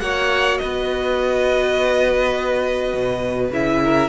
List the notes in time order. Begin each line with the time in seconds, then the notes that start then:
0.00 A#3 F#4 C#5 F#5
0.58 B3 B4 D#5
2.94 B2
3.51 C#3 E4 E5
3.83 A#4